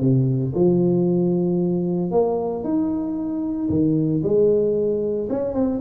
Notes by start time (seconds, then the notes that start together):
0.00 C3
0.55 F3
2.11 A#3
2.64 D#4
3.69 D#3
4.23 G#3
5.29 C#4
5.54 C4